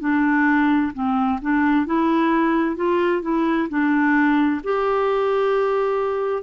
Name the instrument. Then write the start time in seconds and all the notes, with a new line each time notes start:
clarinet
0.00 D4
0.94 C4
1.41 D4
1.86 E4
2.76 F4
3.22 E4
3.69 D4
4.64 G4